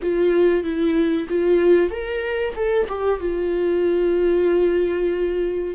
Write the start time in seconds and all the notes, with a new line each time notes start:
0.02 F4
0.63 E4
1.29 F4
1.90 A#4
2.55 A4
2.88 G4
3.20 F4